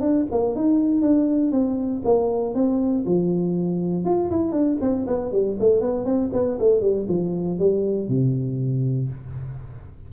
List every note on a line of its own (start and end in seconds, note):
0.00 0.25 D4
0.31 0.55 A#3
0.55 1.01 D#4
1.01 1.51 D4
1.51 2.01 C4
2.04 2.54 A#3
2.54 3.04 C4
3.05 4.04 F3
4.04 4.29 F4
4.30 4.52 E4
4.52 4.77 D4
4.80 5.06 C4
5.06 5.31 B3
5.32 5.57 G3
5.59 5.80 A3
5.80 6.05 B3
6.05 6.30 C4
6.32 6.57 B3
6.59 6.80 A3
6.80 7.05 G3
7.08 7.58 F3
7.58 8.08 G3
8.08 9.09 C3